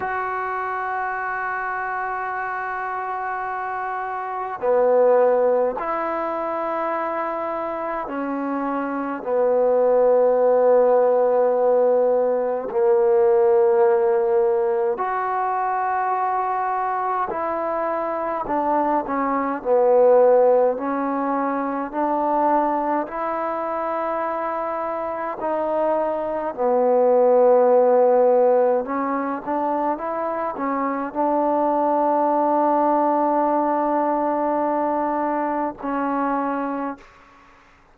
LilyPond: \new Staff \with { instrumentName = "trombone" } { \time 4/4 \tempo 4 = 52 fis'1 | b4 e'2 cis'4 | b2. ais4~ | ais4 fis'2 e'4 |
d'8 cis'8 b4 cis'4 d'4 | e'2 dis'4 b4~ | b4 cis'8 d'8 e'8 cis'8 d'4~ | d'2. cis'4 | }